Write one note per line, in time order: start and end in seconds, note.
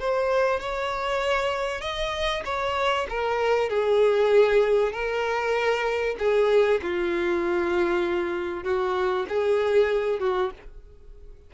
0.00 0.60 C5
0.60 1.81 C#5
1.81 2.43 D#5
2.45 3.07 C#5
3.10 3.70 A#4
3.70 4.92 G#4
4.92 6.16 A#4
6.19 6.81 G#4
6.83 8.64 F4
8.64 9.26 F#4
9.29 10.20 G#4
10.20 10.51 F#4